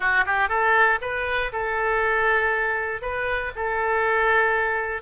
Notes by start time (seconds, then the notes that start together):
0.00 F#4
0.26 G4
0.49 A4
1.01 B4
1.52 A4
3.01 B4
3.55 A4